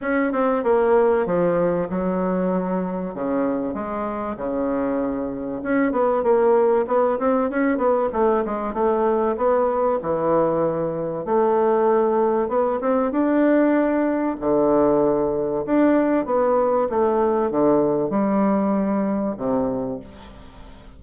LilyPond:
\new Staff \with { instrumentName = "bassoon" } { \time 4/4 \tempo 4 = 96 cis'8 c'8 ais4 f4 fis4~ | fis4 cis4 gis4 cis4~ | cis4 cis'8 b8 ais4 b8 c'8 | cis'8 b8 a8 gis8 a4 b4 |
e2 a2 | b8 c'8 d'2 d4~ | d4 d'4 b4 a4 | d4 g2 c4 | }